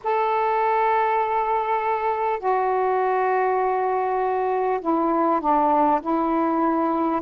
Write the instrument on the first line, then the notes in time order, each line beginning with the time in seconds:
saxophone
0.03 A4
2.39 F#4
4.81 E4
5.40 D4
6.01 E4